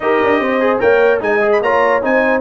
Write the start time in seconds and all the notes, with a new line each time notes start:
0.00 D#4 G4 A#4 D#5
0.23 D4
0.39 C4 C5
0.60 G#4
0.79 A#3 A#4 C#5 G5
1.20 G#3 D#4 D#5 G#5
1.41 G#4
1.52 B5
1.61 A#3 F4 C#5 A#5
2.02 C4 D#4 C5 G#5